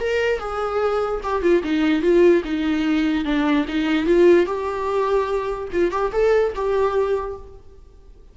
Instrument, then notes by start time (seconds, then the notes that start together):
viola
0.00 A#4
0.39 G#4
1.23 G4
1.42 F4
1.64 D#4
2.02 F4
2.45 D#4
3.25 D4
3.68 D#4
4.06 F4
4.46 G4
5.72 F4
5.91 G4
6.12 A4
6.55 G4